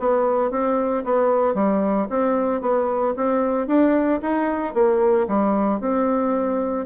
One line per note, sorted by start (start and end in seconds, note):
0.00 0.51 B3
0.51 1.04 C4
1.05 1.54 B3
1.54 2.08 G3
2.10 2.61 C4
2.61 3.14 B3
3.16 3.68 C4
3.68 4.21 D4
4.22 4.74 D#4
4.74 5.27 A#3
5.28 5.80 G3
5.80 6.86 C4